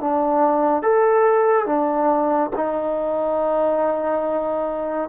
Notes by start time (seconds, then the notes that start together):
0.00 D4
0.82 A4
1.66 D4
2.56 D#4